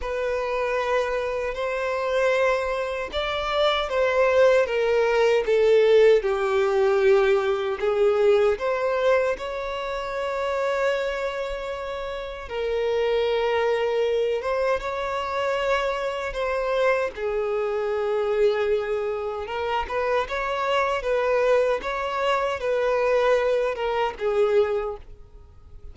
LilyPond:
\new Staff \with { instrumentName = "violin" } { \time 4/4 \tempo 4 = 77 b'2 c''2 | d''4 c''4 ais'4 a'4 | g'2 gis'4 c''4 | cis''1 |
ais'2~ ais'8 c''8 cis''4~ | cis''4 c''4 gis'2~ | gis'4 ais'8 b'8 cis''4 b'4 | cis''4 b'4. ais'8 gis'4 | }